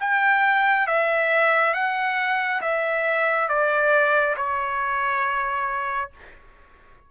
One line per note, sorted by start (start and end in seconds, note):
0.00 0.87 G5
0.87 1.74 E5
1.74 2.61 F#5
2.61 3.48 E5
3.48 4.35 D5
4.36 6.10 C#5